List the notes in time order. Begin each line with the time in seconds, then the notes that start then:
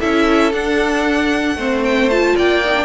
0.00 C#4 E4 A4 E5
0.53 D4 F#5
1.56 A3 C4 C5
1.84 G5
2.10 F4 A5
2.36 A#3 D5 G5
2.65 D#4
2.75 D4